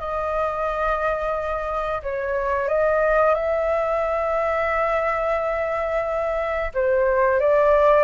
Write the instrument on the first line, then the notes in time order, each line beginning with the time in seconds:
flute
0.00 D#5
2.03 C#5
2.68 D#5
3.35 E5
6.74 C5
7.40 D5